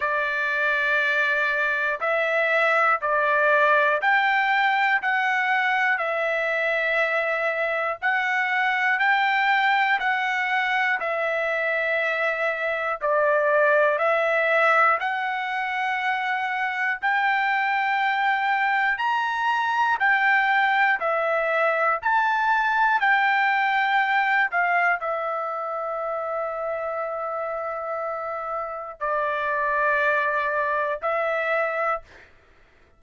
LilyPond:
\new Staff \with { instrumentName = "trumpet" } { \time 4/4 \tempo 4 = 60 d''2 e''4 d''4 | g''4 fis''4 e''2 | fis''4 g''4 fis''4 e''4~ | e''4 d''4 e''4 fis''4~ |
fis''4 g''2 ais''4 | g''4 e''4 a''4 g''4~ | g''8 f''8 e''2.~ | e''4 d''2 e''4 | }